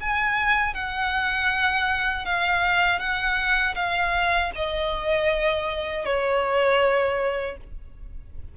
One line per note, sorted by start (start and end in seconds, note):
0.00 0.74 G#5
0.74 2.25 F#5
2.25 2.99 F5
2.99 3.75 F#5
3.75 4.51 F5
4.55 6.05 D#5
6.05 7.57 C#5